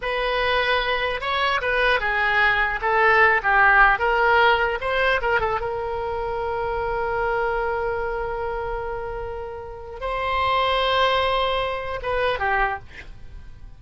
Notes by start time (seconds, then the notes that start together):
0.01 B4
1.20 C#5
1.61 B4
1.99 G#4
2.81 A4
3.43 G4
3.98 A#4
4.80 C5
5.21 A#4
5.40 A4
5.60 A#4
10.00 C5
12.02 B4
12.39 G4